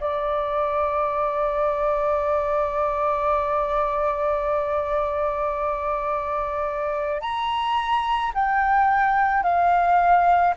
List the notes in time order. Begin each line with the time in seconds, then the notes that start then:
0.00 D5
7.21 A#5
8.34 G5
9.42 F5